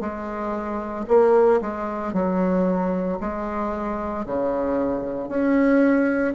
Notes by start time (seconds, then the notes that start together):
0.00 G#3
1.08 A#3
1.61 G#3
2.13 F#3
3.20 G#3
4.25 C#3
5.29 C#4